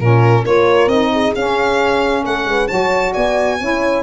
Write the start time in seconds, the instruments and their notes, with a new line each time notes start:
0.00 tuba A#2, saxophone C#4, horn F4, violin A#4
0.43 tuba A#3, saxophone F4, horn A#4, violin C#5
0.87 tuba C4, saxophone D#4, violin D#5
1.13 horn G#4
1.35 tuba C#4, saxophone C#4, violin F5
2.24 tuba A3, horn A4, violin F#5
2.46 tuba G#3, horn B4
2.68 tuba F#3, saxophone F#4, horn C#5, violin A5
3.13 tuba B3, horn D5, violin G#5
3.60 tuba C#4, saxophone E4, horn C#5